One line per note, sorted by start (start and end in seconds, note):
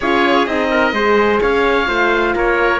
0.00 0.46 C#4
0.00 0.47 F4
0.00 0.70 G#4
0.00 0.46 C#5
0.46 0.92 C4
0.46 0.94 D#4
0.46 1.40 D#5
0.70 0.93 A#4
0.92 1.39 G#3
0.92 1.86 G#4
0.92 1.41 C5
1.41 1.88 C#4
1.41 1.88 C#5
1.41 2.35 F5
1.86 2.34 A3
1.86 2.79 F4
1.86 2.35 C5
2.35 2.79 A#3
2.35 2.79 A#4
2.35 2.79 C#5